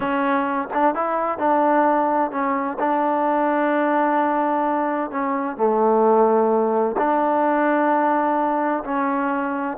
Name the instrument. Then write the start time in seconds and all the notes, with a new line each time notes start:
trombone
0.00 C#4
0.73 D4
0.94 E4
1.38 D4
2.31 C#4
2.79 D4
5.10 C#4
5.56 A3
6.97 D4
8.84 C#4